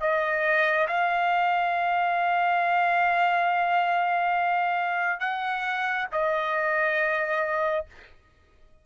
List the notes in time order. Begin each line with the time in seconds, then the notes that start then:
0.00 D#5
0.87 F5
5.20 F#5
6.11 D#5